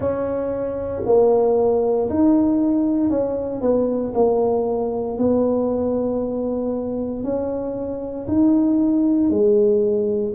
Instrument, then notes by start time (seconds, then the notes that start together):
tuba
0.00 C#4
1.05 A#3
2.09 D#4
3.09 C#4
3.61 B3
4.14 A#3
5.17 B3
7.23 C#4
8.28 D#4
9.30 G#3